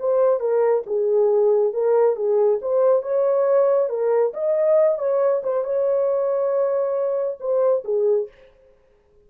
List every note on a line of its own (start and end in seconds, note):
0.00 0.40 C5
0.40 0.84 A#4
0.87 1.74 G#4
1.74 2.17 A#4
2.17 2.60 G#4
2.62 3.03 C5
3.03 3.90 C#5
3.90 4.33 A#4
4.34 4.99 D#5
4.99 5.42 C#5
5.43 5.64 C5
5.64 7.38 C#5
7.40 7.84 C5
7.85 8.28 G#4